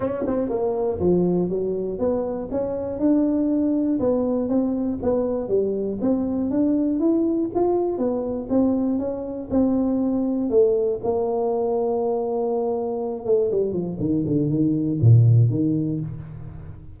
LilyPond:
\new Staff \with { instrumentName = "tuba" } { \time 4/4 \tempo 4 = 120 cis'8 c'8 ais4 f4 fis4 | b4 cis'4 d'2 | b4 c'4 b4 g4 | c'4 d'4 e'4 f'4 |
b4 c'4 cis'4 c'4~ | c'4 a4 ais2~ | ais2~ ais8 a8 g8 f8 | dis8 d8 dis4 ais,4 dis4 | }